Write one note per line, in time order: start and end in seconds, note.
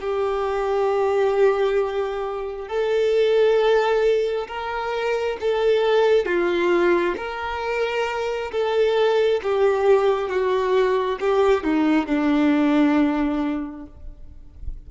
0.00 2.68 G4
2.68 4.47 A4
4.48 5.38 A#4
5.41 6.26 A4
6.26 7.16 F4
7.17 8.52 A#4
8.52 9.42 A4
9.43 10.30 G4
10.30 11.19 F#4
11.20 11.64 G4
11.64 12.07 D#4
12.07 13.86 D4